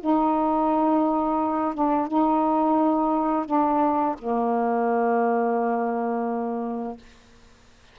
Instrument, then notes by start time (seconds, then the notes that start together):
saxophone
0.00 D#4
1.74 D4
2.07 D#4
3.45 D4
4.18 A#3